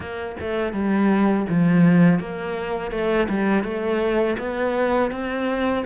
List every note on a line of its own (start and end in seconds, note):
0.00 0.36 A#3
0.40 0.73 A3
0.73 1.46 G3
1.49 2.19 F3
2.19 2.91 A#3
2.91 3.27 A3
3.28 3.63 G3
3.63 4.36 A3
4.38 5.11 B3
5.11 5.84 C4